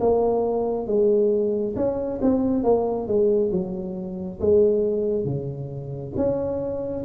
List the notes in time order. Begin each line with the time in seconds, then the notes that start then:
0.00 A#3
0.87 G#3
1.76 C#4
2.21 C4
2.64 A#3
3.08 G#3
3.51 F#3
4.40 G#3
5.25 C#3
6.16 C#4